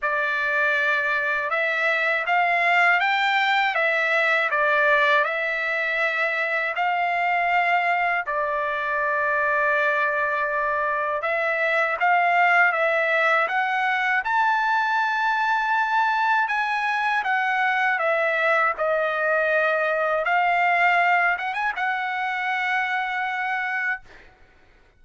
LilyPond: \new Staff \with { instrumentName = "trumpet" } { \time 4/4 \tempo 4 = 80 d''2 e''4 f''4 | g''4 e''4 d''4 e''4~ | e''4 f''2 d''4~ | d''2. e''4 |
f''4 e''4 fis''4 a''4~ | a''2 gis''4 fis''4 | e''4 dis''2 f''4~ | f''8 fis''16 gis''16 fis''2. | }